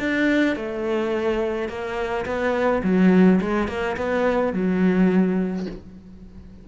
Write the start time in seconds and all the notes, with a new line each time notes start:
0.00 D4
0.56 A3
1.69 A#3
2.26 B3
2.84 F#3
3.41 G#3
3.68 A#3
3.97 B3
4.54 F#3